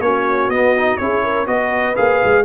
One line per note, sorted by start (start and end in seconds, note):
0.00 0.49 A#3
0.00 0.52 C#4
0.00 1.01 F#4
0.00 0.50 C#5
0.49 0.98 B3
0.49 0.76 B3
0.49 0.98 D#5
0.77 1.01 D#4
0.98 1.47 C#4
0.98 1.47 E4
0.98 1.24 G#4
0.98 1.46 C#5
1.24 1.48 A#4
1.47 1.96 B3
1.47 1.95 F#4
1.47 2.45 B4
1.47 1.96 D#5
1.96 2.23 A#3
1.96 2.45 G#4
1.96 2.45 F5
2.25 2.45 G#3